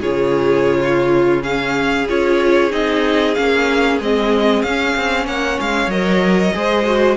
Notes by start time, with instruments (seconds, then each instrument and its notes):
0.00 cello C#3, viola F4, violin G#4 C#5
0.80 violin F4
1.41 viola C#4, violin G#4 F5
2.08 cello C#4, viola F4, violin C#5
2.70 cello C4, viola D#4, violin D#5
3.34 cello A#3, viola C#4, violin F5
3.99 cello G#3, viola C4, violin D#5
4.62 cello C#4, viola C#4, violin F5
4.96 cello C4
5.26 cello A#3, violin C#5 F#5
5.60 cello G#3, violin F5
5.87 cello F#3, viola A#4, violin D#5
6.53 cello G#3, viola G#4, violin C5
6.85 viola F#4